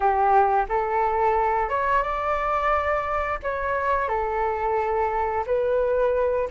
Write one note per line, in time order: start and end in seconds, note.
0.00 0.65 G4
0.68 1.69 A4
1.69 2.02 C#5
2.02 3.39 D5
3.42 4.08 C#5
4.08 5.45 A4
5.46 6.48 B4